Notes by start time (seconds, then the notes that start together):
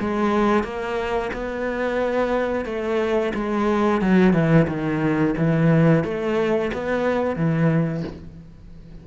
0.00 G#3
0.63 A#3
1.33 B3
2.65 A3
3.34 G#3
4.01 F#3
4.33 E3
4.67 D#3
5.37 E3
6.04 A3
6.73 B3
7.36 E3